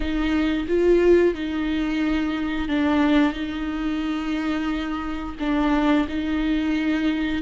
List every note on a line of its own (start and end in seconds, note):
0.00 0.66 D#4
0.67 1.34 F4
1.34 2.68 D#4
2.68 3.32 D4
3.32 5.35 D#4
5.39 6.07 D4
6.08 7.42 D#4